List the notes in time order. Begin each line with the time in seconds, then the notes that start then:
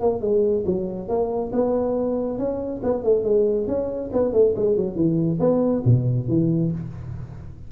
0.00 A#3
0.21 G#3
0.66 F#3
1.08 A#3
1.52 B3
2.38 C#4
2.83 B3
3.03 A3
3.24 G#3
3.67 C#4
4.12 B3
4.32 A3
4.56 G#3
4.76 F#3
4.95 E3
5.39 B3
5.85 B2
6.28 E3